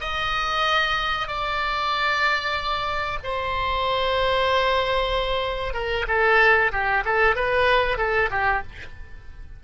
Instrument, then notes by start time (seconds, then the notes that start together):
oboe
0.00 D#5
1.27 D5
3.23 C5
5.73 A#4
6.07 A4
6.71 G4
7.05 A4
7.35 B4
7.97 A4
8.30 G4